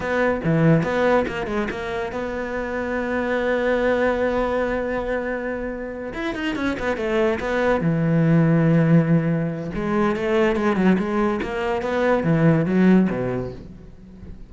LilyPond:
\new Staff \with { instrumentName = "cello" } { \time 4/4 \tempo 4 = 142 b4 e4 b4 ais8 gis8 | ais4 b2.~ | b1~ | b2~ b8 e'8 dis'8 cis'8 |
b8 a4 b4 e4.~ | e2. gis4 | a4 gis8 fis8 gis4 ais4 | b4 e4 fis4 b,4 | }